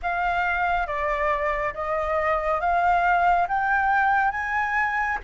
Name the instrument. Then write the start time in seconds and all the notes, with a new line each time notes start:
flute
0.02 F5
0.86 D5
1.74 D#5
2.60 F5
3.48 G5
4.31 G#5